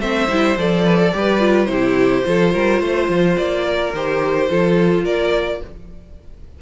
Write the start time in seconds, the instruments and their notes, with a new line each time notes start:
0.00 cello A3, viola C4, violin C5 E5
0.28 cello G3, viola E4
0.57 cello F3, viola A4, violin D5
0.85 violin B4
1.00 violin A4
1.13 cello G3, viola G4, violin B4
1.40 viola F4
1.65 cello C3, viola E4, violin C5
1.71 violin G4
2.24 cello F3, viola F4, violin A4
2.54 cello G3, violin A#4
2.81 cello A3, violin C5
3.09 cello F3
3.37 cello A#3, violin D5
3.65 violin A#4
3.93 cello D#3, viola G4, violin C5
4.49 cello F3, viola F4, violin A4
5.04 cello A#3, violin A#4 D5